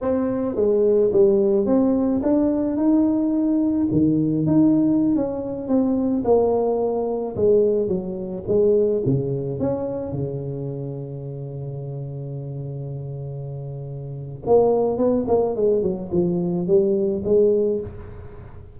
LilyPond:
\new Staff \with { instrumentName = "tuba" } { \time 4/4 \tempo 4 = 108 c'4 gis4 g4 c'4 | d'4 dis'2 dis4 | dis'4~ dis'16 cis'4 c'4 ais8.~ | ais4~ ais16 gis4 fis4 gis8.~ |
gis16 cis4 cis'4 cis4.~ cis16~ | cis1~ | cis2 ais4 b8 ais8 | gis8 fis8 f4 g4 gis4 | }